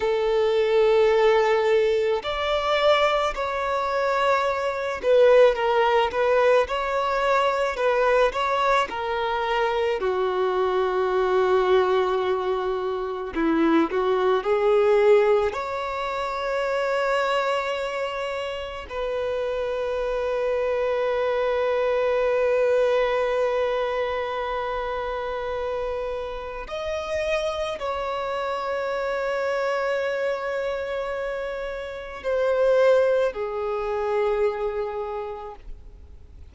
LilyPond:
\new Staff \with { instrumentName = "violin" } { \time 4/4 \tempo 4 = 54 a'2 d''4 cis''4~ | cis''8 b'8 ais'8 b'8 cis''4 b'8 cis''8 | ais'4 fis'2. | e'8 fis'8 gis'4 cis''2~ |
cis''4 b'2.~ | b'1 | dis''4 cis''2.~ | cis''4 c''4 gis'2 | }